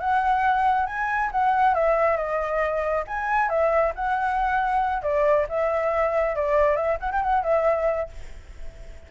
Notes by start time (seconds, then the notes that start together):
0.00 F#5
0.87 G#5
1.32 F#5
1.75 E5
2.17 D#5
3.08 G#5
3.49 E5
3.96 F#5
5.03 D5
5.49 E5
6.36 D5
6.76 E5
7.00 F#5
7.12 G5
7.22 F#5
7.44 E5